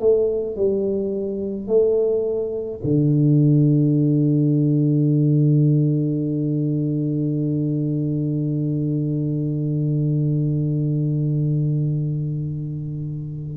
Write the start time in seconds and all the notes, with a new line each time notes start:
0.00 A3
0.57 G3
1.68 A3
2.84 D3